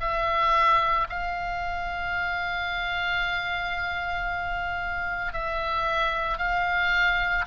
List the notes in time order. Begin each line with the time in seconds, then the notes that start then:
0.00 E5
1.09 F5
5.33 E5
6.37 F5